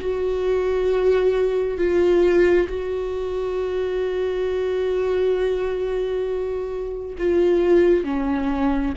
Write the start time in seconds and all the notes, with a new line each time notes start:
0.00 F#4
1.78 F4
2.68 F#4
7.18 F4
8.04 C#4